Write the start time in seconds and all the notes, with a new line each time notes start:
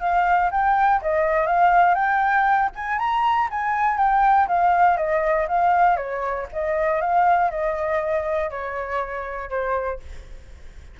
0.00 F5
0.51 G5
1.01 D#5
1.46 F5
1.94 G5
2.75 G#5
2.98 A#5
3.50 G#5
3.97 G5
4.48 F5
4.97 D#5
5.48 F5
5.96 C#5
6.52 D#5
7.01 F5
7.50 D#5
8.50 C#5
9.50 C5